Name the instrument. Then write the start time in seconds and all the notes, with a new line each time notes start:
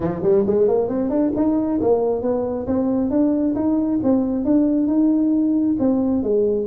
tuba
0.00 F3
0.22 G3
0.46 G#3
0.68 A#3
0.88 C4
1.09 D4
1.36 D#4
1.80 A#3
2.22 B3
2.66 C4
3.10 D4
3.55 D#4
4.03 C4
4.44 D4
4.87 D#4
5.79 C4
6.23 G#3